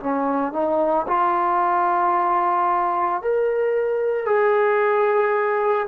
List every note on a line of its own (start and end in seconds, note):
0.00 0.53 C#4
0.53 1.07 D#4
1.08 3.22 F4
3.22 4.26 A#4
4.26 5.87 G#4